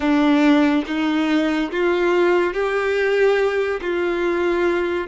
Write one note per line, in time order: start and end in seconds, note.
0.00 0.84 D4
0.86 1.71 D#4
1.71 2.54 F4
2.54 3.80 G4
3.81 5.07 F4